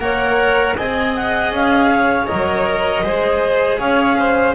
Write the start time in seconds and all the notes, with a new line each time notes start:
0.00 A#3 A#4 C#5 F#5
0.77 C4 G#4 D#5 G#5
1.16 F#5
1.52 C#4 F5
1.93 C#5
2.27 F#3 A#4 D#5
3.03 G#3 G#4 C5
3.79 C#4 C#5 F5
4.19 C5